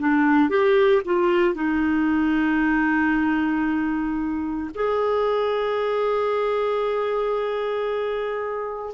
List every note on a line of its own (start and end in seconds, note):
0.00 0.50 D4
0.50 1.02 G4
1.05 1.55 F4
1.55 4.71 D#4
4.75 8.95 G#4